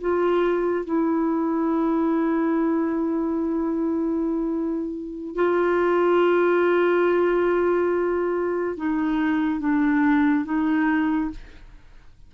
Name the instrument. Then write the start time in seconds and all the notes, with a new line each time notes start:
clarinet
0.00 F4
0.85 E4
5.35 F4
8.77 D#4
9.60 D4
10.45 D#4